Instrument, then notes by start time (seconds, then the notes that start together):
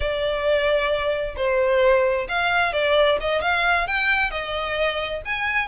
violin
0.00 D5
1.36 C5
2.28 F5
2.72 D5
3.20 D#5
3.41 F5
3.87 G5
4.31 D#5
5.25 G#5